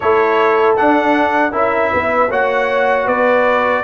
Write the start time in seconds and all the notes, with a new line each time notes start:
0.00 A3 E4 A4 C#5
0.76 D4 F#5
1.51 C#4 E4 A#4 E5
1.92 B3 B4
2.29 A#3 F#4 C#5 F#5
3.05 B3 B4 D5